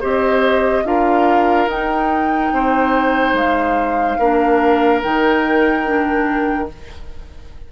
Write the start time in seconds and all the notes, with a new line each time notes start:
0.00 C4 G4 C5 D#5
0.84 D4 F4 A#4 F5
1.67 D#4 G5
2.53 C4 C5
3.33 G#3 F5
4.18 A#3 D4 A#4
5.02 D#3 D#4 G5
5.85 D4